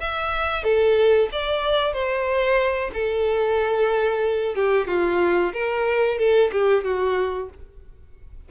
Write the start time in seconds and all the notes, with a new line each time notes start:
0.00 E5
0.63 A4
1.32 D5
1.93 C5
2.93 A4
4.55 G4
4.87 F4
5.53 A#4
6.18 A4
6.52 G4
6.84 F#4